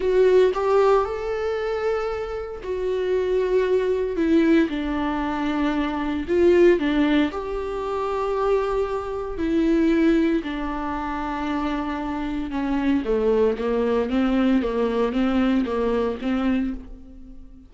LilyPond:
\new Staff \with { instrumentName = "viola" } { \time 4/4 \tempo 4 = 115 fis'4 g'4 a'2~ | a'4 fis'2. | e'4 d'2. | f'4 d'4 g'2~ |
g'2 e'2 | d'1 | cis'4 a4 ais4 c'4 | ais4 c'4 ais4 c'4 | }